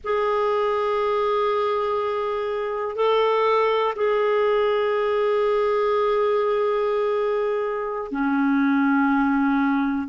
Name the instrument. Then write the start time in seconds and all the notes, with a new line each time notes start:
clarinet
0.04 G#4
2.95 A4
3.95 G#4
8.11 C#4